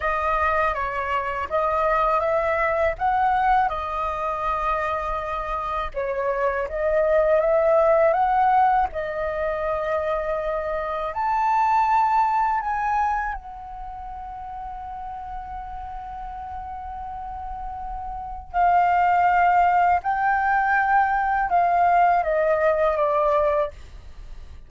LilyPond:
\new Staff \with { instrumentName = "flute" } { \time 4/4 \tempo 4 = 81 dis''4 cis''4 dis''4 e''4 | fis''4 dis''2. | cis''4 dis''4 e''4 fis''4 | dis''2. a''4~ |
a''4 gis''4 fis''2~ | fis''1~ | fis''4 f''2 g''4~ | g''4 f''4 dis''4 d''4 | }